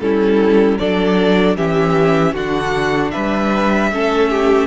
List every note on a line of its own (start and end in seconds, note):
0.00 0.78 G3
0.00 0.78 C#4
0.00 0.79 E4
0.00 0.78 A4
0.78 1.56 F#3
0.78 1.56 D4
0.78 1.56 A4
0.78 1.56 D5
1.56 2.34 E3
1.56 2.34 C#4
1.56 2.33 G4
1.56 2.35 E5
2.33 3.12 D3
2.33 3.92 D4
2.33 3.11 F#4
2.33 3.11 F#5
3.11 3.92 G3
3.11 3.90 B4
3.11 4.66 E5
3.92 4.66 A3
3.92 4.66 C#4
3.92 4.29 A4
4.29 4.66 G4